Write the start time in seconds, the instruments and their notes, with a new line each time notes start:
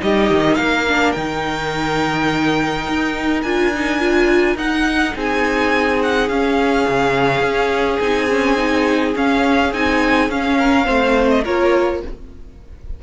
0.00 cello G3, viola D#4, violin G4 D#5
0.31 cello D#3
0.56 cello A#3, violin A#4 F5
0.88 viola D4
1.12 cello D#3, viola D#4, violin G5
2.88 cello D#4
3.42 cello D4, viola F4, violin G#5
3.75 viola D#4
4.00 viola F4
4.56 cello D#4, viola D#4, violin F#5
5.14 cello C4, violin G#4 G#5
6.02 violin F#5
6.29 cello C#4, viola C#4, violin F5
6.88 cello C#3
7.42 cello C#4
8.00 cello C4, viola D#4, violin G#5
8.30 viola C#4
8.57 viola D#4
9.15 viola C#4, cello C#4, violin F5
9.73 cello C4, viola D#4, violin G#5
10.29 cello C#4, viola C#4, violin F5
10.59 violin A#4
10.85 cello A3, viola C4, violin C5
11.30 violin D#5
11.44 cello A#3, viola F4, violin A#4 C#5